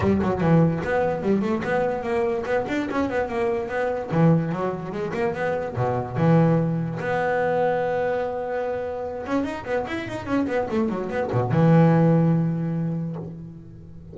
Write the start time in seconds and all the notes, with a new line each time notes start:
0.00 G3
0.22 F#3
0.41 E3
0.84 B3
1.22 G3
1.41 A3
1.63 B3
2.03 A#3
2.45 B3
2.68 D4
2.90 C#4
3.09 B3
3.28 A#3
3.69 B3
4.11 E3
4.51 F#3
4.92 G#3
5.13 A#3
5.34 B3
5.76 B2
6.16 E3
6.99 B3
9.26 C#4
9.44 D#4
9.65 B3
9.87 E4
10.08 D#4
10.25 C#4
10.46 B3
10.70 A3
10.88 F#3
11.09 B3
11.32 B2
11.51 E3